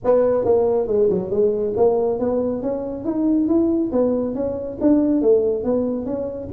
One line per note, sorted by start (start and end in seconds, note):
0.04 0.45 B3
0.45 0.87 A#3
0.87 1.09 G#3
1.09 1.30 F#3
1.30 1.73 G#3
1.76 2.19 A#3
2.19 2.62 B3
2.62 3.04 C#4
3.04 3.47 D#4
3.47 3.91 E4
3.92 4.34 B3
4.34 4.78 C#4
4.80 5.21 D4
5.21 5.64 A3
5.64 6.05 B3
6.05 6.49 C#4